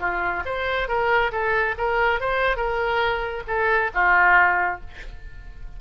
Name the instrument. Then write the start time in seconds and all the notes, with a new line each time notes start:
oboe
0.00 F4
0.46 C5
0.88 A#4
1.32 A4
1.78 A#4
2.21 C5
2.57 A#4
3.47 A4
3.94 F4